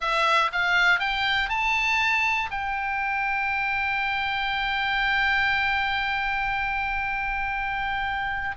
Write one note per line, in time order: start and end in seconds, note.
0.00 0.51 E5
0.52 0.99 F5
0.99 1.49 G5
1.49 2.50 A5
2.50 8.55 G5